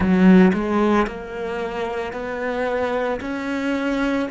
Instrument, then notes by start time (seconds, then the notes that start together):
cello
0.00 F#3
0.53 G#3
1.07 A#3
2.12 B3
3.20 C#4